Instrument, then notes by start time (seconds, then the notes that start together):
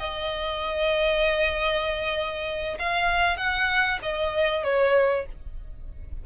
violin
0.00 D#5
2.79 F5
3.37 F#5
4.03 D#5
4.64 C#5